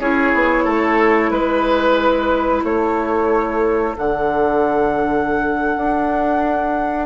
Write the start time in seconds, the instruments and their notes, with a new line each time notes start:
0.00 bassoon C#4, clarinet E4, oboe G#4, flute C#5
0.35 bassoon B3
0.65 bassoon A3, oboe A4
1.31 bassoon G#3, flute B4, oboe B4
2.64 bassoon A3, oboe A4, flute C#5
3.96 bassoon D3, clarinet D4, flute F#5
5.77 bassoon D4